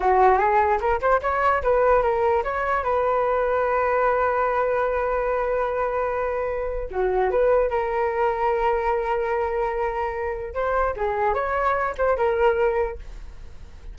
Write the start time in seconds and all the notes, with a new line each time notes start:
0.00 F#4
0.38 G#4
0.80 A#4
1.00 C5
1.21 C#5
1.63 B4
2.02 A#4
2.43 C#5
2.83 B4
6.90 F#4
7.30 B4
7.70 A#4
10.54 C5
10.96 G#4
11.33 C#5
11.97 C5
12.17 A#4